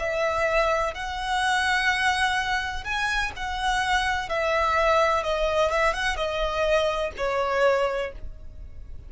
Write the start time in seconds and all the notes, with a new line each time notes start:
0.00 E5
0.95 F#5
2.84 G#5
3.36 F#5
4.29 E5
5.24 D#5
5.71 E5
5.94 F#5
6.17 D#5
7.18 C#5